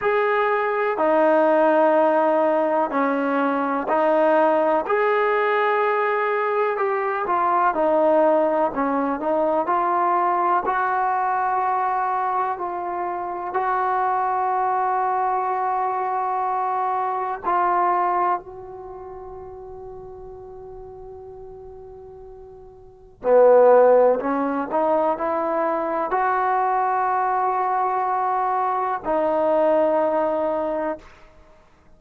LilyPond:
\new Staff \with { instrumentName = "trombone" } { \time 4/4 \tempo 4 = 62 gis'4 dis'2 cis'4 | dis'4 gis'2 g'8 f'8 | dis'4 cis'8 dis'8 f'4 fis'4~ | fis'4 f'4 fis'2~ |
fis'2 f'4 fis'4~ | fis'1 | b4 cis'8 dis'8 e'4 fis'4~ | fis'2 dis'2 | }